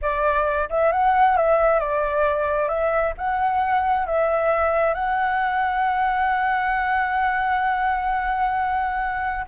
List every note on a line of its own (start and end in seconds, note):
0.01 0.69 D5
0.69 0.91 E5
0.91 1.37 F#5
1.37 1.79 E5
1.79 2.68 D5
2.68 3.13 E5
3.17 4.06 F#5
4.06 4.94 E5
4.94 9.45 F#5